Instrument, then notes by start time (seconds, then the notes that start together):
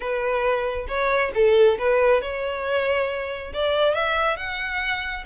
violin
0.00 B4
0.87 C#5
1.34 A4
1.78 B4
2.21 C#5
3.53 D5
3.94 E5
4.36 F#5